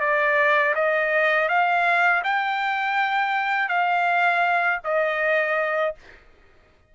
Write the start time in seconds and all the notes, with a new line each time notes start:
0.00 D5
0.75 D#5
1.48 F5
2.24 G5
3.68 F5
4.84 D#5